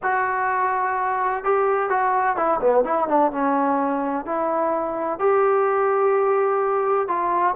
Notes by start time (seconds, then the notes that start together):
0.02 F#4
1.44 G4
1.89 F#4
2.36 E4
2.60 B3
2.84 E4
3.08 D4
3.31 C#4
4.25 E4
5.19 G4
7.07 F4